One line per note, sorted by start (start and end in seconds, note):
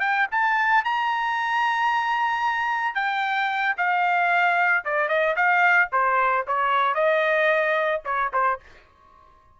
0.00 0.27 G5
0.31 0.84 A5
0.84 2.95 A#5
2.95 3.75 G5
3.77 4.84 F5
4.85 5.08 D5
5.08 5.35 D#5
5.36 5.89 F5
5.92 6.45 C5
6.47 6.94 C#5
6.94 8.01 D#5
8.05 8.32 C#5
8.33 8.60 C5